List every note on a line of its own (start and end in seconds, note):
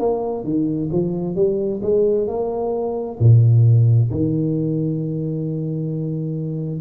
0.00 0.45 A#3
0.45 0.90 D#3
0.93 1.36 F3
1.36 1.81 G3
1.83 2.28 G#3
2.28 3.19 A#3
3.20 4.11 A#2
4.11 6.81 D#3